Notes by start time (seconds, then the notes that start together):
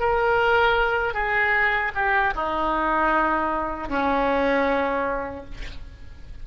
0.00 A#4
1.14 G#4
1.95 G4
2.36 D#4
3.89 C#4